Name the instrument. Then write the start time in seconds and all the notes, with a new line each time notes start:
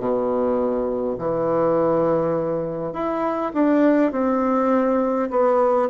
bassoon
0.00 B2
1.19 E3
2.94 E4
3.55 D4
4.12 C4
5.31 B3